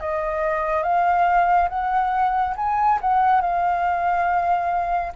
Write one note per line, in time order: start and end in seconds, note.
0.00 0.83 D#5
0.83 1.69 F5
1.69 2.54 F#5
2.56 2.99 G#5
3.01 3.41 F#5
3.41 5.13 F5